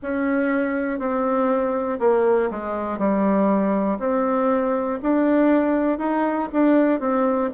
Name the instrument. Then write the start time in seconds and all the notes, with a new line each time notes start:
bassoon
0.02 C#4
0.99 C4
2.00 A#3
2.50 G#3
2.98 G3
3.99 C4
5.02 D4
5.98 D#4
6.53 D4
7.00 C4